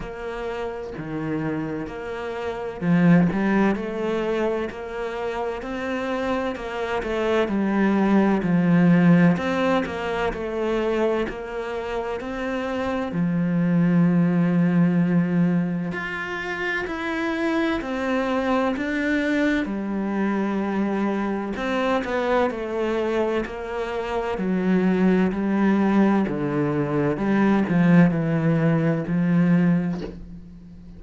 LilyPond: \new Staff \with { instrumentName = "cello" } { \time 4/4 \tempo 4 = 64 ais4 dis4 ais4 f8 g8 | a4 ais4 c'4 ais8 a8 | g4 f4 c'8 ais8 a4 | ais4 c'4 f2~ |
f4 f'4 e'4 c'4 | d'4 g2 c'8 b8 | a4 ais4 fis4 g4 | d4 g8 f8 e4 f4 | }